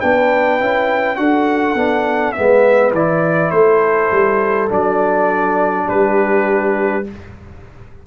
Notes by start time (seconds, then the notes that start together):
0.00 B3 D4 B4 G5
0.60 C#4 E4
1.15 D4 F#4 A4 F#5
1.75 B3 D4
2.32 G#3 B3 B4 E5
2.92 E3 E4 D5
3.50 A3 A4 C5
4.11 G3
4.69 F#3 D4 D5
5.86 G3 G4 B4